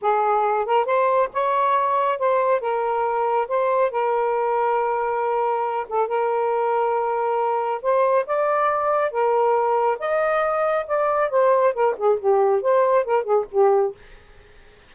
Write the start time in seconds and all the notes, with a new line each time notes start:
0.01 G#4
0.65 A#4
0.85 C5
1.33 C#5
2.19 C5
2.60 A#4
3.48 C5
3.91 A#4
5.89 A4
6.07 A#4
7.82 C5
8.26 D5
9.11 A#4
9.99 D#5
10.87 D5
11.30 C5
11.73 A#4
11.97 G#4
12.19 G4
12.61 C5
13.05 A#4
13.23 G#4
13.51 G4